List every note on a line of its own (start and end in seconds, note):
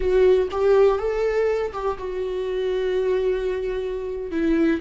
0.00 0.48 F#4
0.51 0.98 G4
0.98 1.72 A4
1.73 1.97 G4
1.97 4.31 F#4
4.31 4.80 E4